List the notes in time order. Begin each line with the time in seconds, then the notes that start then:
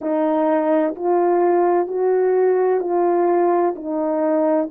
0.01 D#4
0.95 F4
1.87 F#4
2.80 F4
3.75 D#4